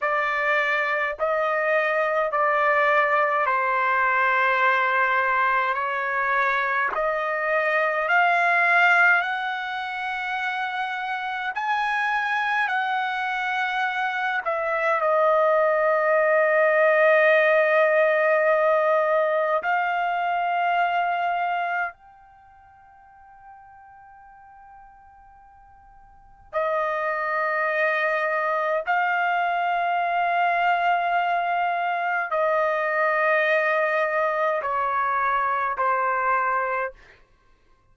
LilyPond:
\new Staff \with { instrumentName = "trumpet" } { \time 4/4 \tempo 4 = 52 d''4 dis''4 d''4 c''4~ | c''4 cis''4 dis''4 f''4 | fis''2 gis''4 fis''4~ | fis''8 e''8 dis''2.~ |
dis''4 f''2 g''4~ | g''2. dis''4~ | dis''4 f''2. | dis''2 cis''4 c''4 | }